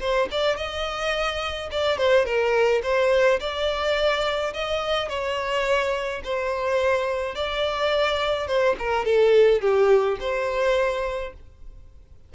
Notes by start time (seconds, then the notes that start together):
0.00 C5
0.31 D5
0.56 D#5
1.71 D5
1.98 C5
2.25 A#4
2.83 C5
3.40 D5
4.54 D#5
5.09 C#5
6.24 C5
7.36 D5
8.47 C5
8.79 A#4
9.05 A4
9.61 G4
10.20 C5